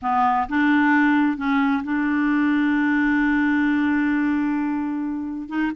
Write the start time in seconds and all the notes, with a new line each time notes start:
0.01 B3
0.48 D4
1.37 C#4
1.83 D4
5.48 D#4